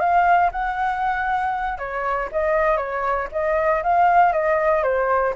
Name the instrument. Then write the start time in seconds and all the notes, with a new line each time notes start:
flute
0.00 F5
0.52 F#5
1.78 C#5
2.32 D#5
2.77 C#5
3.32 D#5
3.83 F5
4.33 D#5
4.83 C5